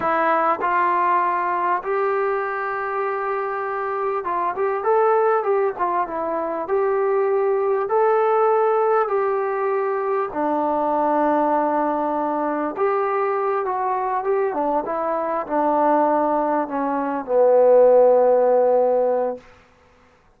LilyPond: \new Staff \with { instrumentName = "trombone" } { \time 4/4 \tempo 4 = 99 e'4 f'2 g'4~ | g'2. f'8 g'8 | a'4 g'8 f'8 e'4 g'4~ | g'4 a'2 g'4~ |
g'4 d'2.~ | d'4 g'4. fis'4 g'8 | d'8 e'4 d'2 cis'8~ | cis'8 b2.~ b8 | }